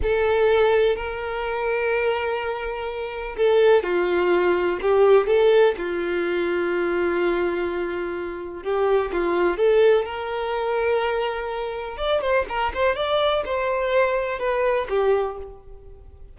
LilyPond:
\new Staff \with { instrumentName = "violin" } { \time 4/4 \tempo 4 = 125 a'2 ais'2~ | ais'2. a'4 | f'2 g'4 a'4 | f'1~ |
f'2 g'4 f'4 | a'4 ais'2.~ | ais'4 d''8 c''8 ais'8 c''8 d''4 | c''2 b'4 g'4 | }